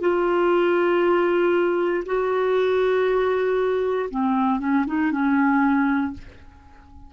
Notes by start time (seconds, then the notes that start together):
0.00 F4
2.06 F#4
4.10 C4
4.59 C#4
4.87 D#4
5.11 C#4